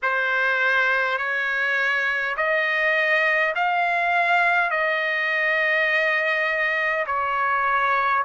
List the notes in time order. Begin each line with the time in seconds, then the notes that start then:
0.02 C5
1.18 C#5
2.36 D#5
3.55 F5
4.70 D#5
7.06 C#5